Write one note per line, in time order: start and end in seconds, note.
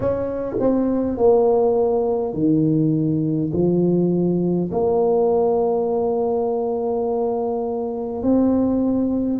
0.00 0.56 C#4
0.59 1.17 C4
1.17 2.33 A#3
2.33 3.51 D#3
3.52 4.70 F3
4.71 8.22 A#3
8.22 9.39 C4